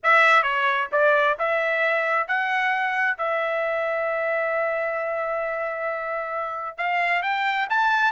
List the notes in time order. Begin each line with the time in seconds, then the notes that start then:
0.03 E5
0.42 C#5
0.91 D5
1.38 E5
2.27 F#5
3.17 E5
6.77 F5
7.22 G5
7.69 A5